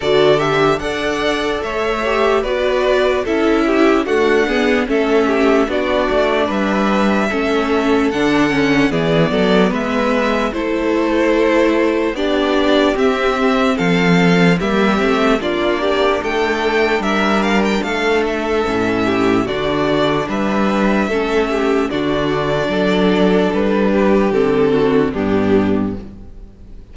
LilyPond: <<
  \new Staff \with { instrumentName = "violin" } { \time 4/4 \tempo 4 = 74 d''8 e''8 fis''4 e''4 d''4 | e''4 fis''4 e''4 d''4 | e''2 fis''4 d''4 | e''4 c''2 d''4 |
e''4 f''4 e''4 d''4 | g''4 e''8 f''16 g''16 f''8 e''4. | d''4 e''2 d''4~ | d''4 b'4 a'4 g'4 | }
  \new Staff \with { instrumentName = "violin" } { \time 4/4 a'4 d''4 cis''4 b'4 | a'8 g'8 fis'8 gis'8 a'8 g'8 fis'4 | b'4 a'2 gis'8 a'8 | b'4 a'2 g'4~ |
g'4 a'4 g'4 f'8 g'8 | a'4 ais'4 a'4. g'8 | fis'4 b'4 a'8 g'8 fis'4 | a'4. g'4 fis'8 d'4 | }
  \new Staff \with { instrumentName = "viola" } { \time 4/4 fis'8 g'8 a'4. g'8 fis'4 | e'4 a8 b8 cis'4 d'4~ | d'4 cis'4 d'8 cis'8 b4~ | b4 e'2 d'4 |
c'2 ais8 c'8 d'4~ | d'2. cis'4 | d'2 cis'4 d'4~ | d'2 c'4 b4 | }
  \new Staff \with { instrumentName = "cello" } { \time 4/4 d4 d'4 a4 b4 | cis'4 d'4 a4 b8 a8 | g4 a4 d4 e8 fis8 | gis4 a2 b4 |
c'4 f4 g8 a8 ais4 | a4 g4 a4 a,4 | d4 g4 a4 d4 | fis4 g4 d4 g,4 | }
>>